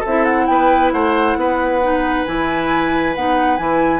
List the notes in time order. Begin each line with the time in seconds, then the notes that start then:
0.00 A4 E5
0.06 C4 E4
0.25 F#5
0.47 B3 B4 G5
0.92 A3 C5 F#5
1.36 B3 B4
1.83 D#4
2.25 E3 E4 G#5
3.15 B3 D#4 F#5
3.57 E3 E4 G#5